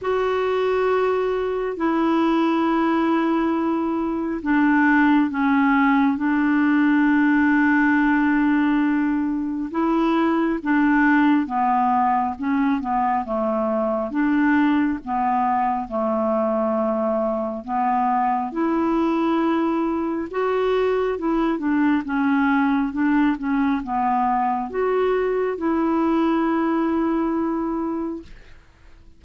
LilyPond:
\new Staff \with { instrumentName = "clarinet" } { \time 4/4 \tempo 4 = 68 fis'2 e'2~ | e'4 d'4 cis'4 d'4~ | d'2. e'4 | d'4 b4 cis'8 b8 a4 |
d'4 b4 a2 | b4 e'2 fis'4 | e'8 d'8 cis'4 d'8 cis'8 b4 | fis'4 e'2. | }